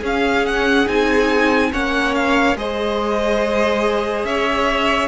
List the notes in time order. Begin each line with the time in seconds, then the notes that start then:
0.00 C#4 G#4 F5
0.45 F#5
0.86 C4 D#4 G#5
1.72 A#3 C#4 C#5 F#5
2.14 F5
2.55 G#3 G#4 C5 D#5
4.23 C#4 C#5 E5